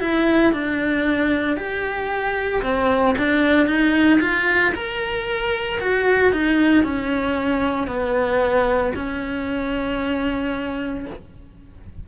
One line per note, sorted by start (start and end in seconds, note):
0.00 0.52 E4
0.52 1.56 D4
1.56 2.62 G4
2.62 3.15 C4
3.18 3.67 D4
3.67 4.19 D#4
4.20 4.73 F4
4.74 5.79 A#4
5.80 6.32 F#4
6.32 6.83 D#4
6.83 7.87 C#4
7.87 8.92 B3
8.95 11.06 C#4